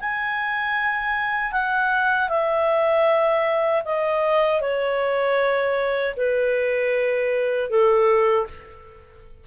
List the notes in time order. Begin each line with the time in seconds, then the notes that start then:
0.00 G#5
1.52 F#5
2.29 E5
3.85 D#5
4.61 C#5
6.16 B4
7.70 A4